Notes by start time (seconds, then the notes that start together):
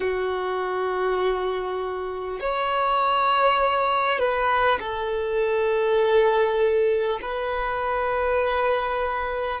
0.00 F#4
2.40 C#5
4.18 B4
4.79 A4
7.22 B4